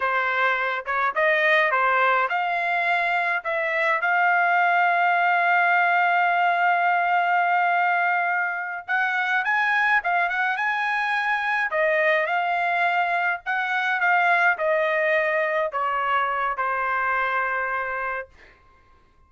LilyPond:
\new Staff \with { instrumentName = "trumpet" } { \time 4/4 \tempo 4 = 105 c''4. cis''8 dis''4 c''4 | f''2 e''4 f''4~ | f''1~ | f''2.~ f''8 fis''8~ |
fis''8 gis''4 f''8 fis''8 gis''4.~ | gis''8 dis''4 f''2 fis''8~ | fis''8 f''4 dis''2 cis''8~ | cis''4 c''2. | }